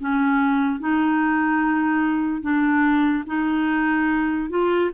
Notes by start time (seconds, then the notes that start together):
0.00 C#4
0.80 D#4
2.42 D4
3.27 D#4
4.50 F4